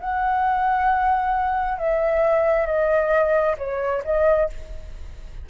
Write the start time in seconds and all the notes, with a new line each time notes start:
0.00 F#5
1.78 E5
2.66 D#5
3.58 C#5
4.05 D#5